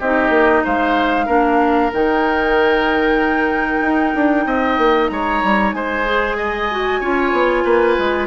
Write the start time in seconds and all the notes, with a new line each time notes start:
0.00 C4 D#4 G4 D#5
0.30 A#3
0.65 G#3 C5 F5
1.26 A#3 D4 A#4
1.94 D#3 D#4 G5
3.82 D#4
4.15 D4
4.46 C4 D#5
4.78 A#3
5.08 G#3 C#5 A#5
5.44 G3
5.73 G#3 C5 G#5
6.06 G#4
6.37 D#5
6.72 F#4
7.01 C#4 F4 C#5
7.33 B3
7.65 A#3 B4
7.99 G#3